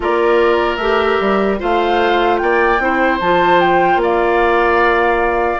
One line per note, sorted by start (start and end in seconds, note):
0.00 0.77 A#3
0.00 0.79 F4
0.00 1.59 A#4
0.00 0.76 D5
0.76 1.17 A3
0.76 1.58 G4
0.76 1.56 E5
1.20 1.60 G3
1.58 2.41 A3
1.58 2.78 F4
1.58 2.39 C5
1.58 2.37 F5
2.37 2.79 A#3
2.37 2.82 D5
2.37 3.17 G5
2.79 3.19 C4
2.79 3.20 E4
2.79 4.02 C5
3.20 3.96 F3
3.20 5.60 F4
3.20 3.60 A5
3.60 4.00 G5
3.96 5.56 A#3
4.02 5.60 D5
4.02 5.60 F5